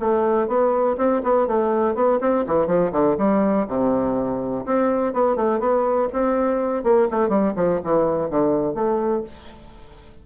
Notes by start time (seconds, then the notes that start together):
0.00 A3
0.48 B3
0.98 C4
1.23 B3
1.47 A3
1.95 B3
2.21 C4
2.47 E3
2.67 F3
2.92 D3
3.18 G3
3.68 C3
4.66 C4
5.13 B3
5.36 A3
5.60 B3
6.13 C4
6.84 A#3
7.11 A3
7.29 G3
7.56 F3
7.84 E3
8.30 D3
8.75 A3